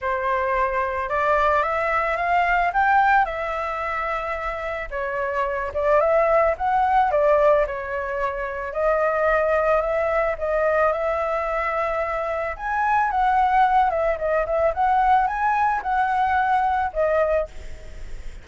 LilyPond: \new Staff \with { instrumentName = "flute" } { \time 4/4 \tempo 4 = 110 c''2 d''4 e''4 | f''4 g''4 e''2~ | e''4 cis''4. d''8 e''4 | fis''4 d''4 cis''2 |
dis''2 e''4 dis''4 | e''2. gis''4 | fis''4. e''8 dis''8 e''8 fis''4 | gis''4 fis''2 dis''4 | }